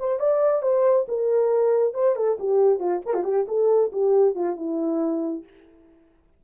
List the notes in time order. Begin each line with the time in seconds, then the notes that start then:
0.00 C5
0.20 D5
0.63 C5
1.09 A#4
1.94 C5
2.16 A4
2.40 G4
2.80 F4
3.06 A#4
3.14 F4
3.24 G4
3.48 A4
3.92 G4
4.35 F4
4.57 E4